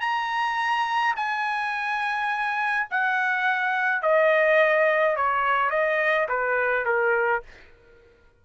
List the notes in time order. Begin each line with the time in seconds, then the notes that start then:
0.00 A#5
1.16 G#5
2.90 F#5
4.02 D#5
5.16 C#5
5.70 D#5
6.28 B4
6.85 A#4